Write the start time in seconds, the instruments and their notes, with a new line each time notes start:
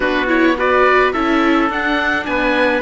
0.00 cello B3, viola D4, trumpet F#4, oboe B4
0.27 viola E4, oboe C#5
0.57 viola F#4, trumpet B4, oboe D5
1.12 cello C#4, viola E4, trumpet A4, oboe E5
1.69 cello D4, viola D4, oboe F#5
2.25 cello B3, trumpet B4, oboe G#5